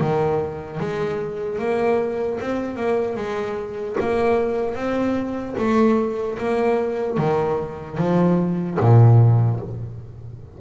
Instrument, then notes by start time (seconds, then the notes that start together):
double bass
0.00 D#3
0.80 G#3
1.59 A#3
2.40 C4
2.76 A#3
3.16 G#3
4.00 A#3
4.75 C4
5.58 A3
6.38 A#3
7.17 D#3
7.97 F3
8.80 A#2